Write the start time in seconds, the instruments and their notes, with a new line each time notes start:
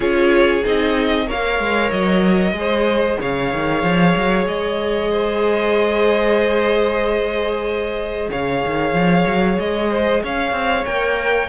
0.00 cello C#4, viola F4, violin G#4 C#5
0.64 cello C4, viola D#4, violin D#5
1.26 cello A#3, viola A#4, violin C#5 F5
1.59 cello G#3
1.91 cello F#3, violin D#5
2.52 cello G#3, viola G#4
2.58 violin C5
3.20 cello C#3, violin C#5 F5
3.53 cello D#3
3.83 cello F3
4.16 cello F#3
4.45 cello G#3, violin D#5
5.11 violin C5
8.30 cello C#3, violin C#5 F5
8.65 cello D#3
8.93 cello F3
9.26 cello F#3
9.59 cello G#3, violin D#5
9.90 violin C5
10.23 cello C#4, violin C#5 F5
10.51 cello C4
10.85 cello A#3, viola A#4, violin G5